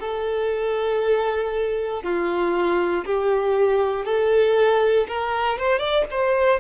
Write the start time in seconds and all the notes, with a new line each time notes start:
0.00 A4
2.03 F4
3.05 G4
4.05 A4
5.08 A#4
5.58 C5
5.79 D5
6.11 C5